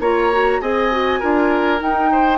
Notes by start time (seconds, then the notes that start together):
0.00 A#3 F4 C#5 A#5
0.32 F#4
0.61 C4 G#4 D#5 G#5
0.92 F#4
1.20 D4 F4 A#4
1.79 D#4 G5
2.13 C5